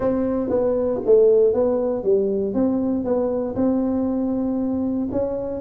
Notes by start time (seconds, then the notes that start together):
0.00 C4
0.49 B3
1.05 A3
1.53 B3
2.03 G3
2.54 C4
3.04 B3
3.55 C4
5.11 C#4